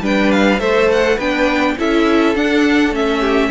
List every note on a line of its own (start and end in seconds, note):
0.00 0.58 G3
0.00 0.59 D4
0.00 0.60 B4
0.00 0.31 G5
0.31 0.59 F5
0.59 1.18 A3
0.59 1.17 A4
0.59 1.15 C5
0.59 0.88 E5
0.91 1.19 F#5
1.15 1.76 B3
1.15 1.78 D4
1.15 1.74 B4
1.15 1.77 G5
1.78 2.35 C#4
1.78 2.35 E4
1.78 3.20 A4
1.78 2.35 E5
2.35 2.90 D4
2.35 2.93 D4
2.35 2.94 F#5
2.90 3.49 A3
2.90 3.51 C#4
2.90 3.51 E5
3.20 3.49 G4